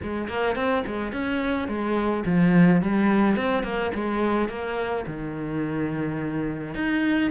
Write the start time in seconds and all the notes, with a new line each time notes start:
0.02 G#3
0.28 A#3
0.55 C4
0.86 G#3
1.12 C#4
1.67 G#3
2.25 F3
2.81 G3
3.36 C4
3.63 A#3
3.94 G#3
4.49 A#3
5.06 D#3
6.74 D#4